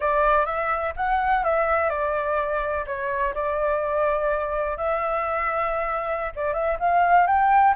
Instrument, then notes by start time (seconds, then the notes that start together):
flute
0.00 D5
0.45 E5
0.96 F#5
1.44 E5
1.89 D5
2.86 C#5
3.34 D5
4.77 E5
6.35 D5
6.53 E5
6.79 F5
7.26 G5